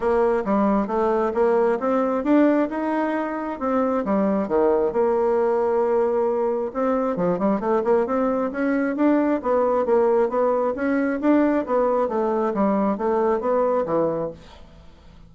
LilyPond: \new Staff \with { instrumentName = "bassoon" } { \time 4/4 \tempo 4 = 134 ais4 g4 a4 ais4 | c'4 d'4 dis'2 | c'4 g4 dis4 ais4~ | ais2. c'4 |
f8 g8 a8 ais8 c'4 cis'4 | d'4 b4 ais4 b4 | cis'4 d'4 b4 a4 | g4 a4 b4 e4 | }